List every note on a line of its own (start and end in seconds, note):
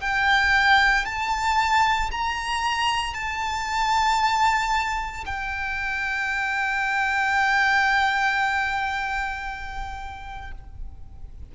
0.00 1.05 G5
1.05 2.10 A5
2.11 3.14 A#5
3.14 5.24 A5
5.25 10.52 G5